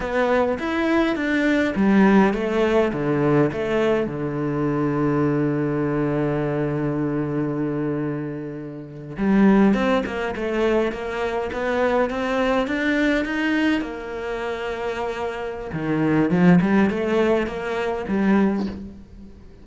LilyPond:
\new Staff \with { instrumentName = "cello" } { \time 4/4 \tempo 4 = 103 b4 e'4 d'4 g4 | a4 d4 a4 d4~ | d1~ | d2.~ d8. g16~ |
g8. c'8 ais8 a4 ais4 b16~ | b8. c'4 d'4 dis'4 ais16~ | ais2. dis4 | f8 g8 a4 ais4 g4 | }